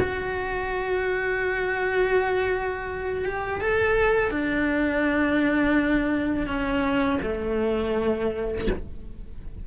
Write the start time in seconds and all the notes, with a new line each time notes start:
0.00 F#4
3.25 G4
3.61 A4
4.31 D4
6.47 C#4
7.23 A3